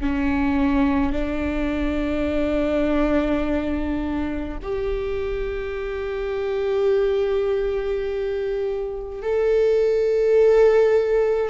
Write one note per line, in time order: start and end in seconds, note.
0.00 1.12 C#4
1.12 4.58 D4
4.62 9.22 G4
9.22 11.49 A4